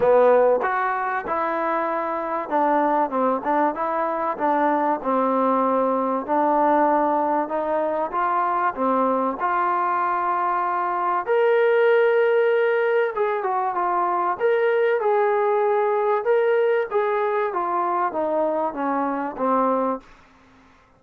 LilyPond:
\new Staff \with { instrumentName = "trombone" } { \time 4/4 \tempo 4 = 96 b4 fis'4 e'2 | d'4 c'8 d'8 e'4 d'4 | c'2 d'2 | dis'4 f'4 c'4 f'4~ |
f'2 ais'2~ | ais'4 gis'8 fis'8 f'4 ais'4 | gis'2 ais'4 gis'4 | f'4 dis'4 cis'4 c'4 | }